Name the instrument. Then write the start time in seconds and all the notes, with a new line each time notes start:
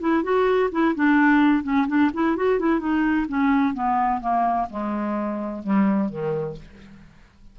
clarinet
0.00 E4
0.23 F#4
0.71 E4
0.95 D4
1.63 C#4
1.87 D4
2.13 E4
2.36 F#4
2.59 E4
2.79 D#4
3.28 C#4
3.74 B3
4.21 A#3
4.70 G#3
5.63 G3
6.09 D#3